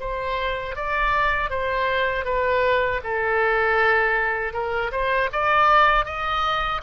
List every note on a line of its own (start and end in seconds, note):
0.00 0.76 C5
0.76 1.50 D5
1.50 2.25 C5
2.25 3.01 B4
3.04 4.54 A4
4.54 4.92 A#4
4.92 5.30 C5
5.33 6.06 D5
6.06 6.81 D#5